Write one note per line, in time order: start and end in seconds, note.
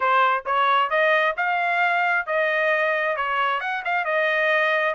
0.00 0.44 C5
0.45 0.90 C#5
0.90 1.35 D#5
1.37 2.26 F5
2.26 3.16 D#5
3.16 3.60 C#5
3.60 3.83 F#5
3.84 4.04 F5
4.04 4.94 D#5